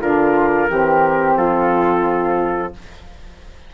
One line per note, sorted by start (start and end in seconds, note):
0.00 0.68 D3
0.00 0.68 D4
0.00 0.69 F4
0.00 1.37 A#4
0.68 1.36 E3
0.68 2.73 C4
0.68 1.37 G4
1.36 2.73 F3
1.36 2.74 F4
1.36 2.73 A4